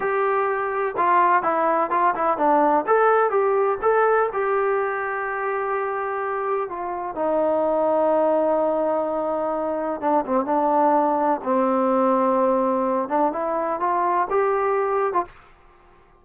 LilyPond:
\new Staff \with { instrumentName = "trombone" } { \time 4/4 \tempo 4 = 126 g'2 f'4 e'4 | f'8 e'8 d'4 a'4 g'4 | a'4 g'2.~ | g'2 f'4 dis'4~ |
dis'1~ | dis'4 d'8 c'8 d'2 | c'2.~ c'8 d'8 | e'4 f'4 g'4.~ g'16 f'16 | }